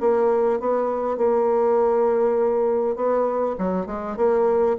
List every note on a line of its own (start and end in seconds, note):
0.00 0.59 A#3
0.59 1.17 B3
1.17 2.95 A#3
2.95 3.55 B3
3.58 3.86 F#3
3.86 4.16 G#3
4.16 4.76 A#3